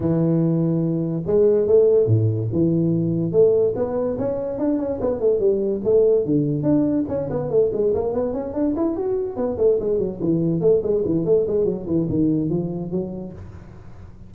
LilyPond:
\new Staff \with { instrumentName = "tuba" } { \time 4/4 \tempo 4 = 144 e2. gis4 | a4 a,4 e2 | a4 b4 cis'4 d'8 cis'8 | b8 a8 g4 a4 d4 |
d'4 cis'8 b8 a8 gis8 ais8 b8 | cis'8 d'8 e'8 fis'4 b8 a8 gis8 | fis8 e4 a8 gis8 e8 a8 gis8 | fis8 e8 dis4 f4 fis4 | }